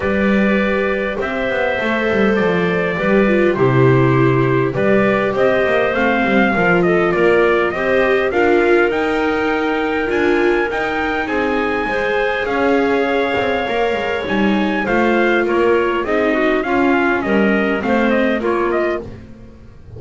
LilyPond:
<<
  \new Staff \with { instrumentName = "trumpet" } { \time 4/4 \tempo 4 = 101 d''2 e''2 | d''2 c''2 | d''4 dis''4 f''4. dis''8 | d''4 dis''4 f''4 g''4~ |
g''4 gis''4 g''4 gis''4~ | gis''4 f''2. | gis''4 f''4 cis''4 dis''4 | f''4 dis''4 f''8 dis''8 cis''8 dis''8 | }
  \new Staff \with { instrumentName = "clarinet" } { \time 4/4 b'2 c''2~ | c''4 b'4 g'2 | b'4 c''2 ais'8 a'8 | ais'4 c''4 ais'2~ |
ais'2. gis'4 | c''4 cis''2.~ | cis''4 c''4 ais'4 gis'8 fis'8 | f'4 ais'4 c''4 f'4 | }
  \new Staff \with { instrumentName = "viola" } { \time 4/4 g'2. a'4~ | a'4 g'8 f'8 e'2 | g'2 c'4 f'4~ | f'4 g'4 f'4 dis'4~ |
dis'4 f'4 dis'2 | gis'2. ais'4 | dis'4 f'2 dis'4 | cis'2 c'4 ais4 | }
  \new Staff \with { instrumentName = "double bass" } { \time 4/4 g2 c'8 b8 a8 g8 | f4 g4 c2 | g4 c'8 ais8 a8 g8 f4 | ais4 c'4 d'4 dis'4~ |
dis'4 d'4 dis'4 c'4 | gis4 cis'4. c'8 ais8 gis8 | g4 a4 ais4 c'4 | cis'4 g4 a4 ais4 | }
>>